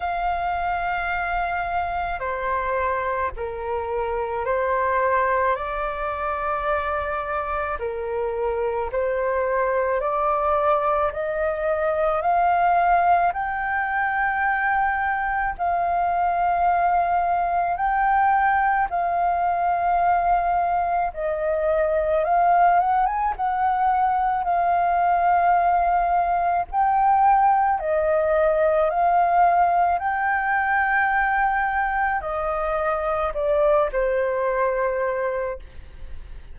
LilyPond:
\new Staff \with { instrumentName = "flute" } { \time 4/4 \tempo 4 = 54 f''2 c''4 ais'4 | c''4 d''2 ais'4 | c''4 d''4 dis''4 f''4 | g''2 f''2 |
g''4 f''2 dis''4 | f''8 fis''16 gis''16 fis''4 f''2 | g''4 dis''4 f''4 g''4~ | g''4 dis''4 d''8 c''4. | }